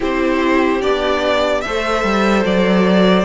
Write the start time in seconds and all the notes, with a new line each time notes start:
0.00 C4 E4 G4 C5
0.81 B3 D4 D5
1.61 A3 A4 C5 E5
2.03 G3
2.45 F#3 D5